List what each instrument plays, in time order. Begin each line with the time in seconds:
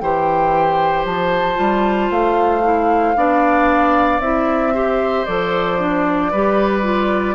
0.00 bassoon E3, clarinet G4, oboe C5, flute G5
1.05 bassoon F3, flute A5
1.56 bassoon G3, clarinet F4
2.11 bassoon A3, flute F5
2.63 clarinet E4
3.16 bassoon B3, clarinet D4, oboe D5
4.20 bassoon C4, clarinet E4, flute E5
4.74 clarinet G4, oboe C5
5.26 bassoon F3, clarinet A4, flute D5
5.79 clarinet D4
6.32 bassoon G3, clarinet G4, oboe B4
6.83 clarinet F4